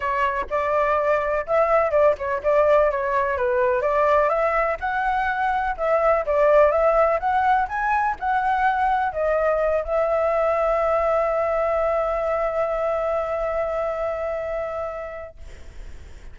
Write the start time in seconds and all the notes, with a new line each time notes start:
0.00 C#5
0.50 D5
1.46 E5
1.90 D5
2.18 C#5
2.43 D5
2.90 C#5
3.37 B4
3.81 D5
4.29 E5
4.80 F#5
5.77 E5
6.26 D5
6.71 E5
7.19 F#5
7.68 G#5
8.19 F#5
9.12 D#5
9.84 E5